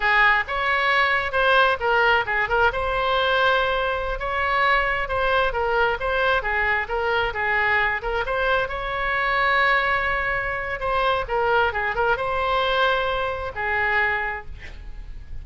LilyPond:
\new Staff \with { instrumentName = "oboe" } { \time 4/4 \tempo 4 = 133 gis'4 cis''2 c''4 | ais'4 gis'8 ais'8 c''2~ | c''4~ c''16 cis''2 c''8.~ | c''16 ais'4 c''4 gis'4 ais'8.~ |
ais'16 gis'4. ais'8 c''4 cis''8.~ | cis''1 | c''4 ais'4 gis'8 ais'8 c''4~ | c''2 gis'2 | }